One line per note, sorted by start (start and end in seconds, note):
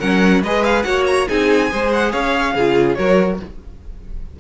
0.00 0.43 F#3
0.00 0.43 C#4
0.00 0.42 A#4
0.00 0.43 F#5
0.43 0.85 G#3
0.43 0.85 G#4
0.43 0.86 B4
0.43 0.65 D#5
0.65 0.83 F5
0.83 1.28 A#3
0.83 1.28 F#4
0.83 1.29 C#5
0.83 1.04 F#5
1.07 1.28 A#5
1.28 1.73 C4
1.28 1.69 D#4
1.28 1.71 G#4
1.28 1.92 G#5
1.69 2.13 G#3
1.69 2.54 G#4
1.69 2.12 C5
1.93 2.13 F#5
2.12 2.56 C#4
2.12 2.54 C#5
2.12 2.95 F5
2.55 2.98 C#3
2.55 2.98 F4
2.55 2.97 G#4
2.95 3.40 F#3
2.95 3.40 F#4
2.95 3.40 A#4
2.95 3.37 C#5